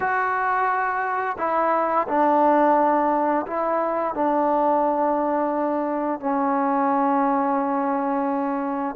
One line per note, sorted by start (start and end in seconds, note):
0.00 1.36 F#4
1.38 2.07 E4
2.08 3.45 D4
3.46 4.14 E4
4.14 6.19 D4
6.19 8.95 C#4